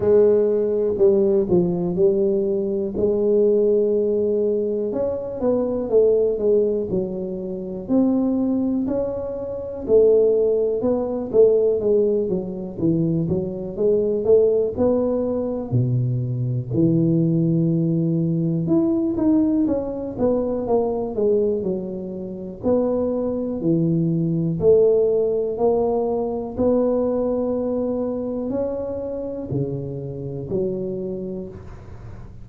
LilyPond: \new Staff \with { instrumentName = "tuba" } { \time 4/4 \tempo 4 = 61 gis4 g8 f8 g4 gis4~ | gis4 cis'8 b8 a8 gis8 fis4 | c'4 cis'4 a4 b8 a8 | gis8 fis8 e8 fis8 gis8 a8 b4 |
b,4 e2 e'8 dis'8 | cis'8 b8 ais8 gis8 fis4 b4 | e4 a4 ais4 b4~ | b4 cis'4 cis4 fis4 | }